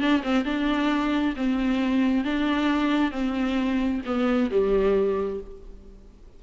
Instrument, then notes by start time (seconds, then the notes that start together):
viola
0.00 D4
0.23 C4
0.45 D4
1.36 C4
2.24 D4
3.11 C4
4.05 B3
4.51 G3